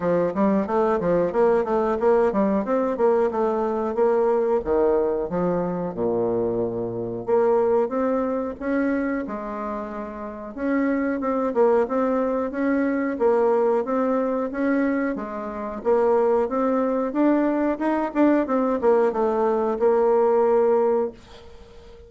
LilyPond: \new Staff \with { instrumentName = "bassoon" } { \time 4/4 \tempo 4 = 91 f8 g8 a8 f8 ais8 a8 ais8 g8 | c'8 ais8 a4 ais4 dis4 | f4 ais,2 ais4 | c'4 cis'4 gis2 |
cis'4 c'8 ais8 c'4 cis'4 | ais4 c'4 cis'4 gis4 | ais4 c'4 d'4 dis'8 d'8 | c'8 ais8 a4 ais2 | }